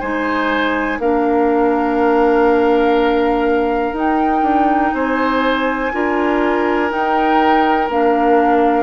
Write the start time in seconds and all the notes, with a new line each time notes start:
0.00 G#3 D#4 C5 G#5
0.99 A#3 D4 A#4 F5
3.92 D#4 G5
4.42 D4
4.94 C4 C5 G#5
5.92 D4 F4 A#4
6.89 D#4 G5
7.89 A#3 D4 F5